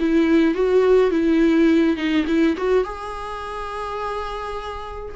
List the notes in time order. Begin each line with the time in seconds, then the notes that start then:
0.00 E4
0.55 F#4
1.11 E4
1.97 D#4
2.28 E4
2.57 F#4
2.85 G#4